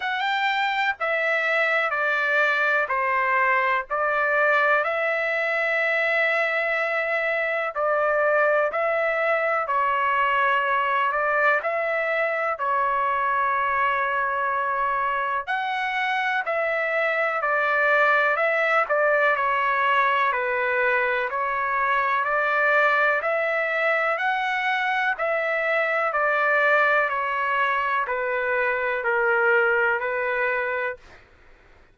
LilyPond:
\new Staff \with { instrumentName = "trumpet" } { \time 4/4 \tempo 4 = 62 g''4 e''4 d''4 c''4 | d''4 e''2. | d''4 e''4 cis''4. d''8 | e''4 cis''2. |
fis''4 e''4 d''4 e''8 d''8 | cis''4 b'4 cis''4 d''4 | e''4 fis''4 e''4 d''4 | cis''4 b'4 ais'4 b'4 | }